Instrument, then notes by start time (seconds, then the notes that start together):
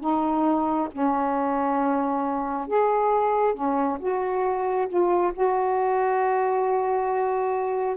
saxophone
0.00 D#4
0.91 C#4
2.67 G#4
3.54 C#4
3.99 F#4
4.88 F4
5.33 F#4